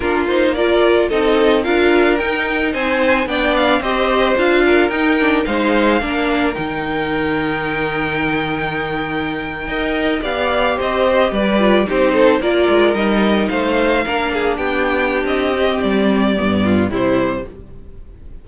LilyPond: <<
  \new Staff \with { instrumentName = "violin" } { \time 4/4 \tempo 4 = 110 ais'8 c''8 d''4 dis''4 f''4 | g''4 gis''4 g''8 f''8 dis''4 | f''4 g''4 f''2 | g''1~ |
g''2~ g''8. f''4 dis''16~ | dis''8. d''4 c''4 d''4 dis''16~ | dis''8. f''2 g''4~ g''16 | dis''4 d''2 c''4 | }
  \new Staff \with { instrumentName = "violin" } { \time 4/4 f'4 ais'4 a'4 ais'4~ | ais'4 c''4 d''4 c''4~ | c''8 ais'4. c''4 ais'4~ | ais'1~ |
ais'4.~ ais'16 dis''4 d''4 c''16~ | c''8. b'4 g'8 a'8 ais'4~ ais'16~ | ais'8. c''4 ais'8 gis'8 g'4~ g'16~ | g'2~ g'8 f'8 e'4 | }
  \new Staff \with { instrumentName = "viola" } { \time 4/4 d'8 dis'8 f'4 dis'4 f'4 | dis'2 d'4 g'4 | f'4 dis'8 d'8 dis'4 d'4 | dis'1~ |
dis'4.~ dis'16 ais'4 g'4~ g'16~ | g'4~ g'16 f'8 dis'4 f'4 dis'16~ | dis'4.~ dis'16 d'2~ d'16~ | d'8 c'4. b4 g4 | }
  \new Staff \with { instrumentName = "cello" } { \time 4/4 ais2 c'4 d'4 | dis'4 c'4 b4 c'4 | d'4 dis'4 gis4 ais4 | dis1~ |
dis4.~ dis16 dis'4 b4 c'16~ | c'8. g4 c'4 ais8 gis8 g16~ | g8. a4 ais4 b4~ b16 | c'4 g4 g,4 c4 | }
>>